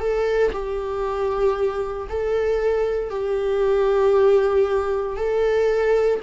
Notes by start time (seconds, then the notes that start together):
0.00 A4
0.53 G4
2.09 A4
3.10 G4
5.17 A4